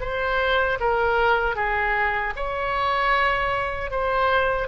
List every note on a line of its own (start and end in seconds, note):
0.00 0.78 C5
0.80 1.55 A#4
1.55 2.33 G#4
2.36 3.90 C#5
3.90 4.68 C5